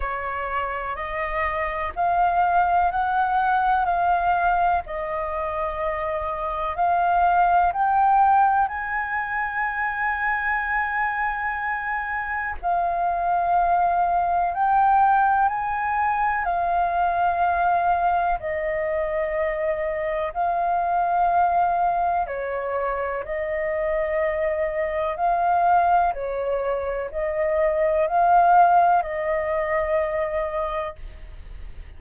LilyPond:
\new Staff \with { instrumentName = "flute" } { \time 4/4 \tempo 4 = 62 cis''4 dis''4 f''4 fis''4 | f''4 dis''2 f''4 | g''4 gis''2.~ | gis''4 f''2 g''4 |
gis''4 f''2 dis''4~ | dis''4 f''2 cis''4 | dis''2 f''4 cis''4 | dis''4 f''4 dis''2 | }